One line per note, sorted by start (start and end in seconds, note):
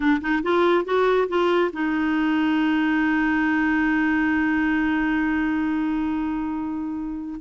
0.00 0.20 D4
0.21 0.42 D#4
0.42 0.85 F4
0.85 1.27 F#4
1.28 1.71 F4
1.72 7.40 D#4